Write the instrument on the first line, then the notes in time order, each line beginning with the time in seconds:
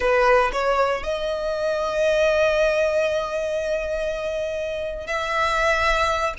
violin
0.00 B4
0.52 C#5
1.03 D#5
5.06 E5